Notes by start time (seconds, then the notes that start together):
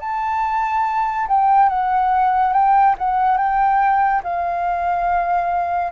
0.00 A5
1.28 G5
1.69 F#5
2.53 G5
2.98 F#5
3.38 G5
4.23 F5